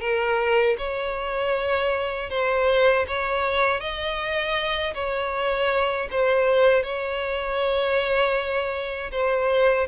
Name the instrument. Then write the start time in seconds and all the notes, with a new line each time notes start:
violin
0.00 A#4
0.78 C#5
2.30 C5
3.07 C#5
3.80 D#5
4.94 C#5
6.11 C5
6.83 C#5
9.11 C5